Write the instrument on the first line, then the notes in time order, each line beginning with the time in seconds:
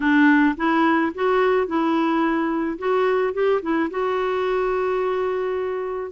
clarinet
0.00 D4
0.57 E4
1.14 F#4
1.67 E4
2.78 F#4
3.33 G4
3.61 E4
3.90 F#4